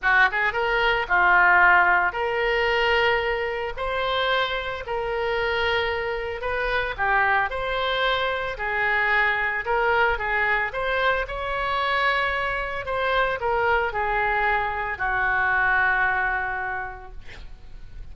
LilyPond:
\new Staff \with { instrumentName = "oboe" } { \time 4/4 \tempo 4 = 112 fis'8 gis'8 ais'4 f'2 | ais'2. c''4~ | c''4 ais'2. | b'4 g'4 c''2 |
gis'2 ais'4 gis'4 | c''4 cis''2. | c''4 ais'4 gis'2 | fis'1 | }